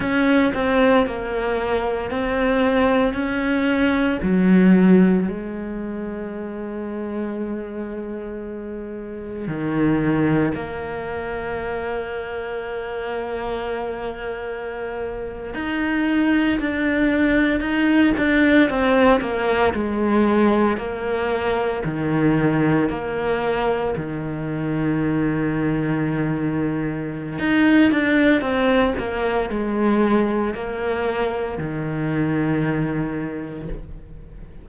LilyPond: \new Staff \with { instrumentName = "cello" } { \time 4/4 \tempo 4 = 57 cis'8 c'8 ais4 c'4 cis'4 | fis4 gis2.~ | gis4 dis4 ais2~ | ais2~ ais8. dis'4 d'16~ |
d'8. dis'8 d'8 c'8 ais8 gis4 ais16~ | ais8. dis4 ais4 dis4~ dis16~ | dis2 dis'8 d'8 c'8 ais8 | gis4 ais4 dis2 | }